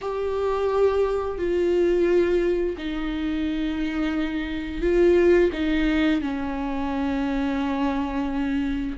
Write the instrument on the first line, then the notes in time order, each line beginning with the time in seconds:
viola
0.01 G4
1.38 F4
2.77 D#4
4.81 F4
5.52 D#4
6.21 C#4